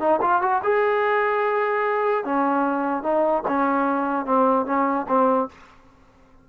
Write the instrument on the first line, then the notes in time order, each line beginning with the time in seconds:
trombone
0.00 D#4
0.22 F4
0.42 F#4
0.64 G#4
2.25 C#4
3.03 D#4
3.48 C#4
4.26 C4
4.66 C#4
5.09 C4